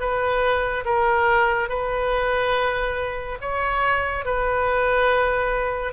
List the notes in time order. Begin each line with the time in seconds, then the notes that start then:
0.00 B4
0.86 A#4
1.69 B4
3.41 C#5
4.26 B4